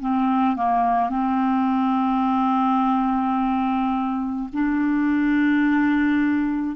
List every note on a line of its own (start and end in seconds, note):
0.00 0.56 C4
0.56 1.09 A#3
1.09 4.49 C4
4.53 6.76 D4